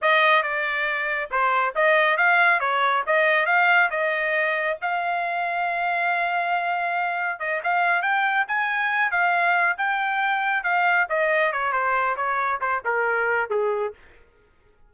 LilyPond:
\new Staff \with { instrumentName = "trumpet" } { \time 4/4 \tempo 4 = 138 dis''4 d''2 c''4 | dis''4 f''4 cis''4 dis''4 | f''4 dis''2 f''4~ | f''1~ |
f''4 dis''8 f''4 g''4 gis''8~ | gis''4 f''4. g''4.~ | g''8 f''4 dis''4 cis''8 c''4 | cis''4 c''8 ais'4. gis'4 | }